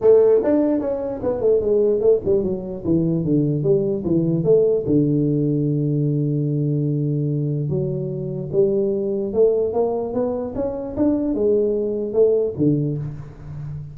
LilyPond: \new Staff \with { instrumentName = "tuba" } { \time 4/4 \tempo 4 = 148 a4 d'4 cis'4 b8 a8 | gis4 a8 g8 fis4 e4 | d4 g4 e4 a4 | d1~ |
d2. fis4~ | fis4 g2 a4 | ais4 b4 cis'4 d'4 | gis2 a4 d4 | }